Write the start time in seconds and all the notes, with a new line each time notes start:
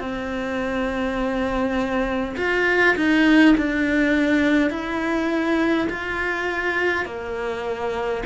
0.00 C4
2.37 F4
2.96 D#4
3.58 D4
4.71 E4
5.90 F4
7.05 A#3